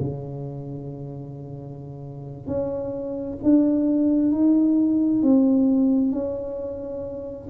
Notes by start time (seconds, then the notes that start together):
0.00 C#3
2.47 C#4
3.43 D4
4.32 D#4
5.23 C4
6.12 C#4